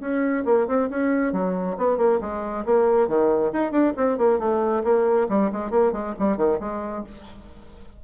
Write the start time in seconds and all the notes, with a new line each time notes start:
0.00 C#4
0.45 A#3
0.67 C4
0.90 C#4
1.32 F#3
1.77 B3
1.97 A#3
2.21 G#3
2.65 A#3
3.08 D#3
3.53 D#4
3.71 D4
3.96 C4
4.18 A#3
4.39 A3
4.84 A#3
5.29 G3
5.52 G#3
5.70 A#3
5.92 G#3
6.19 G3
6.37 D#3
6.60 G#3